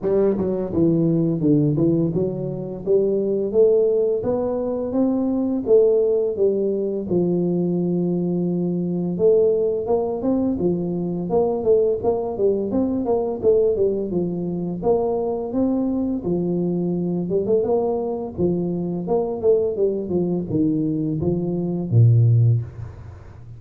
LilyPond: \new Staff \with { instrumentName = "tuba" } { \time 4/4 \tempo 4 = 85 g8 fis8 e4 d8 e8 fis4 | g4 a4 b4 c'4 | a4 g4 f2~ | f4 a4 ais8 c'8 f4 |
ais8 a8 ais8 g8 c'8 ais8 a8 g8 | f4 ais4 c'4 f4~ | f8 g16 a16 ais4 f4 ais8 a8 | g8 f8 dis4 f4 ais,4 | }